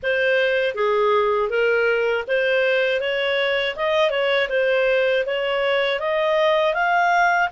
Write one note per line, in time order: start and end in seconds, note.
0.02 0.74 C5
0.74 1.49 G#4
1.49 2.24 A#4
2.27 3.00 C5
3.00 3.75 C#5
3.76 4.10 D#5
4.10 4.48 C#5
4.49 5.24 C5
5.26 5.99 C#5
5.99 6.73 D#5
6.73 7.48 F5